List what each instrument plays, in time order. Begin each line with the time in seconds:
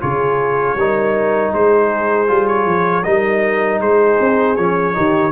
0.00 tuba C#3, trombone F4, horn G#4, trumpet C#5
0.74 tuba G3, trombone D#4, horn A#4
1.53 tuba G#3, horn G#4, trumpet C5
2.27 tuba G3, trombone F4
2.47 trumpet C#5
2.65 tuba F3
3.03 tuba G3, trombone D#4, horn A#4, trumpet D#5
3.80 tuba G#3, horn G#4, trumpet C5
4.19 tuba C4
4.56 tuba F3, trombone C#4, trumpet C#5
4.93 tuba D#3, trombone D#4, horn G4